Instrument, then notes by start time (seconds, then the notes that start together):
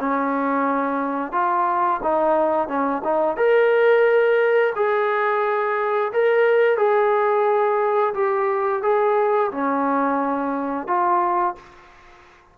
trombone
0.00 C#4
1.32 F4
2.03 D#4
2.68 C#4
3.04 D#4
3.37 A#4
4.76 G#4
6.13 A#4
6.77 G#4
8.14 G4
8.83 G#4
9.52 C#4
10.87 F4